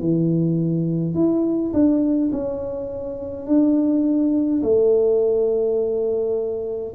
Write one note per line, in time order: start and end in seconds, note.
0.00 1.14 E3
1.14 1.72 E4
1.73 2.31 D4
2.32 3.46 C#4
3.46 4.62 D4
4.63 6.93 A3